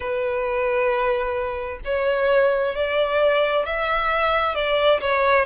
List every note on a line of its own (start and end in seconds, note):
0.00 1.79 B4
1.84 2.75 C#5
2.75 3.65 D5
3.65 4.55 E5
4.55 5.00 D5
5.00 5.45 C#5